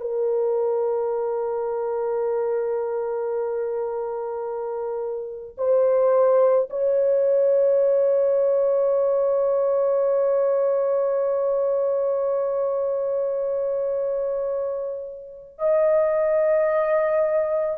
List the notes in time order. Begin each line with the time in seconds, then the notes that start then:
0.00 A#4
5.58 C5
6.70 C#5
15.59 D#5